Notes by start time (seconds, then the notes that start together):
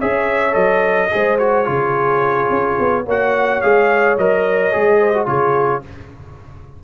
0.00 C#4 G#4 C#5 E5
0.53 F#3 A4 D#5
1.11 G#3 G#4 C5
1.39 F#4 C#5
1.66 C#3 F4 G#4
2.51 C#4
2.80 B3
3.06 A#3 F#4 C#5 F#5
3.62 G#3 G#4 F5
4.18 F#3 A#4 D#5
4.72 G#3 G#4
5.00 C5
5.14 F#4
5.27 C#3 F4 G#4 C#5